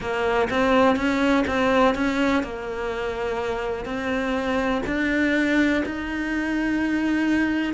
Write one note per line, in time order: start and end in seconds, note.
0.00 0.48 A#3
0.50 0.95 C4
0.95 1.44 C#4
1.47 1.94 C4
1.94 2.43 C#4
2.43 3.85 A#3
3.85 4.82 C4
4.86 5.83 D4
5.85 7.73 D#4